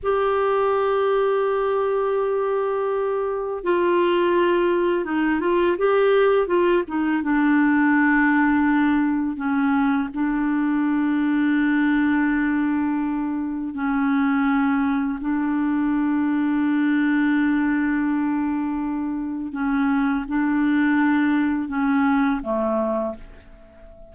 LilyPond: \new Staff \with { instrumentName = "clarinet" } { \time 4/4 \tempo 4 = 83 g'1~ | g'4 f'2 dis'8 f'8 | g'4 f'8 dis'8 d'2~ | d'4 cis'4 d'2~ |
d'2. cis'4~ | cis'4 d'2.~ | d'2. cis'4 | d'2 cis'4 a4 | }